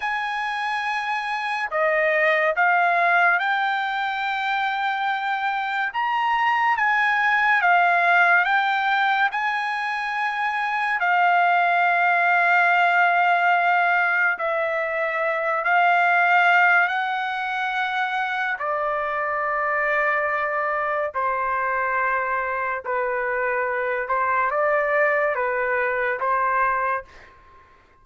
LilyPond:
\new Staff \with { instrumentName = "trumpet" } { \time 4/4 \tempo 4 = 71 gis''2 dis''4 f''4 | g''2. ais''4 | gis''4 f''4 g''4 gis''4~ | gis''4 f''2.~ |
f''4 e''4. f''4. | fis''2 d''2~ | d''4 c''2 b'4~ | b'8 c''8 d''4 b'4 c''4 | }